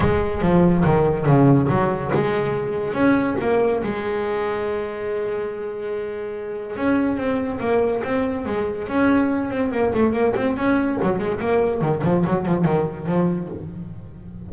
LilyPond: \new Staff \with { instrumentName = "double bass" } { \time 4/4 \tempo 4 = 142 gis4 f4 dis4 cis4 | fis4 gis2 cis'4 | ais4 gis2.~ | gis1 |
cis'4 c'4 ais4 c'4 | gis4 cis'4. c'8 ais8 a8 | ais8 c'8 cis'4 fis8 gis8 ais4 | dis8 f8 fis8 f8 dis4 f4 | }